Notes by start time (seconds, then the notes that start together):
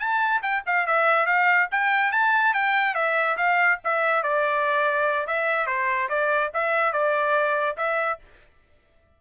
0.00 A5
0.43 G5
0.67 F5
0.87 E5
1.27 F5
1.72 G5
2.12 A5
2.54 G5
2.95 E5
3.37 F5
3.84 E5
4.23 D5
5.28 E5
5.67 C5
6.09 D5
6.54 E5
6.93 D5
7.77 E5